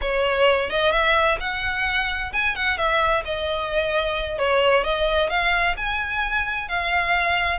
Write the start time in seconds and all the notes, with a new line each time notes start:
0.01 C#5
0.70 D#5
0.91 E5
1.40 F#5
2.33 G#5
2.55 F#5
2.77 E5
3.24 D#5
4.38 C#5
4.83 D#5
5.29 F5
5.76 G#5
6.68 F5